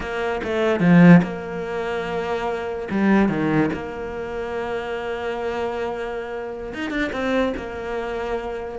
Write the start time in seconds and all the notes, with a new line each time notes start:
0.00 A#3
0.43 A3
0.80 F3
1.22 A#3
2.91 G3
3.28 D#3
3.73 A#3
6.74 D#4
6.90 D4
7.12 C4
7.56 A#3